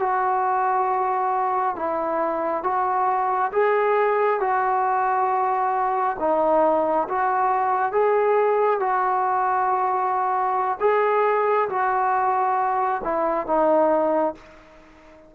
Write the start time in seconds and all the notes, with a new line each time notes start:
0.00 F#4
1.76 E4
2.64 F#4
3.53 G#4
4.41 F#4
6.20 D#4
7.09 F#4
7.93 G#4
8.80 F#4
10.81 G#4
11.70 F#4
13.04 E4
13.47 D#4